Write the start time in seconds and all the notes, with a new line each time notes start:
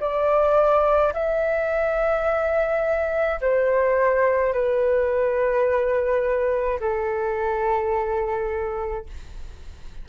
0.00 D5
1.14 E5
3.41 C5
4.53 B4
6.80 A4